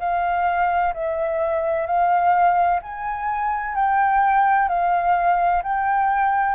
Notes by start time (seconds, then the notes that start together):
0.00 F5
0.94 E5
1.87 F5
2.83 G#5
3.75 G5
4.69 F5
5.63 G5